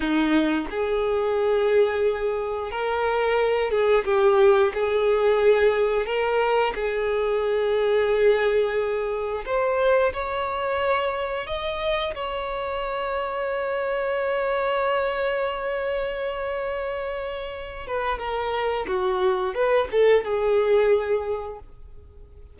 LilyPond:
\new Staff \with { instrumentName = "violin" } { \time 4/4 \tempo 4 = 89 dis'4 gis'2. | ais'4. gis'8 g'4 gis'4~ | gis'4 ais'4 gis'2~ | gis'2 c''4 cis''4~ |
cis''4 dis''4 cis''2~ | cis''1~ | cis''2~ cis''8 b'8 ais'4 | fis'4 b'8 a'8 gis'2 | }